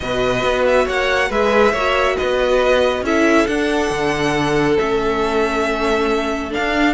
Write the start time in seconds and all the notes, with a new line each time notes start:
0.00 B2 F#4 B4 D#5
0.43 B3
0.66 E5
0.85 A#3 C#5 F#5
1.29 G#3 G#4 B4 E5
1.72 A#3 F#4 C#5
2.16 B3 B4 D#5
3.01 C#4 E4 A4 E5
3.46 D4 F#5
3.90 D3
4.78 A3 C#4 E5
6.50 D4 F5
6.57 D4